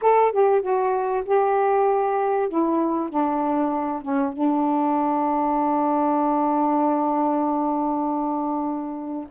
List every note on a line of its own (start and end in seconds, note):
0.01 0.31 A4
0.31 0.61 G4
0.61 1.23 F#4
1.25 2.49 G4
2.49 3.09 E4
3.09 4.02 D4
4.02 4.32 C#4
4.32 9.27 D4